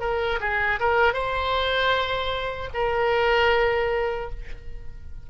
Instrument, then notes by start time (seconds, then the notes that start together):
oboe
0.00 A#4
0.40 G#4
0.80 A#4
1.13 C5
2.73 A#4